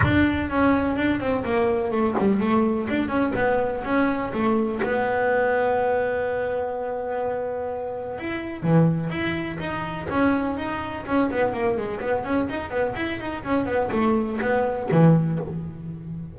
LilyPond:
\new Staff \with { instrumentName = "double bass" } { \time 4/4 \tempo 4 = 125 d'4 cis'4 d'8 c'8 ais4 | a8 g8 a4 d'8 cis'8 b4 | cis'4 a4 b2~ | b1~ |
b4 e'4 e4 e'4 | dis'4 cis'4 dis'4 cis'8 b8 | ais8 gis8 b8 cis'8 dis'8 b8 e'8 dis'8 | cis'8 b8 a4 b4 e4 | }